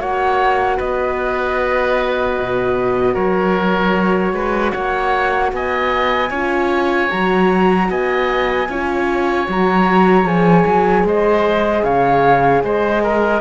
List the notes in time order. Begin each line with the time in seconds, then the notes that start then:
0.00 A#3 F#4 C#5 F#5
0.77 B3 B4 D#5
2.39 B2
3.14 F#3 A#4 C#5
4.33 G#3 B4
4.72 A#3 C#5 F#5
5.52 B3 D#5 G#5
6.30 C#4 F4 C#5
7.10 F#3 F#4 A#5
7.90 B3 D#5 G#5
8.69 C#4 F4 C#5
9.48 F#3 F#4 A#5
10.25 F3 G#4 G#5
10.66 F#3
11.04 G#3 C5 D#5
11.84 C#3 C#5 F5
12.64 G#3 C5 D#5
13.03 A#4